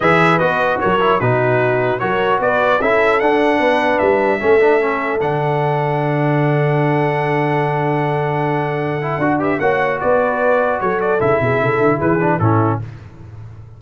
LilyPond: <<
  \new Staff \with { instrumentName = "trumpet" } { \time 4/4 \tempo 4 = 150 e''4 dis''4 cis''4 b'4~ | b'4 cis''4 d''4 e''4 | fis''2 e''2~ | e''4 fis''2.~ |
fis''1~ | fis''2.~ fis''8 e''8 | fis''4 d''2 cis''8 d''8 | e''2 b'4 a'4 | }
  \new Staff \with { instrumentName = "horn" } { \time 4/4 b'2 ais'4 fis'4~ | fis'4 ais'4 b'4 a'4~ | a'4 b'2 a'4~ | a'1~ |
a'1~ | a'2.~ a'8 b'8 | cis''4 b'2 a'4~ | a'8 gis'8 a'4 gis'4 e'4 | }
  \new Staff \with { instrumentName = "trombone" } { \time 4/4 gis'4 fis'4. e'8 dis'4~ | dis'4 fis'2 e'4 | d'2. cis'8 d'8 | cis'4 d'2.~ |
d'1~ | d'2~ d'8 e'8 fis'8 g'8 | fis'1 | e'2~ e'8 d'8 cis'4 | }
  \new Staff \with { instrumentName = "tuba" } { \time 4/4 e4 b4 fis4 b,4~ | b,4 fis4 b4 cis'4 | d'4 b4 g4 a4~ | a4 d2.~ |
d1~ | d2. d'4 | ais4 b2 fis4 | cis8 b,8 cis8 d8 e4 a,4 | }
>>